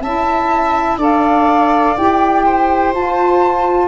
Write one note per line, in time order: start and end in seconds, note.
0.00 0.97 C#4
0.00 0.99 E4
0.00 0.98 E5
0.00 0.98 A5
0.97 1.93 D4
0.97 1.96 A4
0.97 2.43 D5
0.97 1.96 F5
1.96 2.93 E4
1.96 2.93 G4
1.96 2.93 G5
2.45 3.88 C5
2.93 3.88 F4
2.93 3.88 A5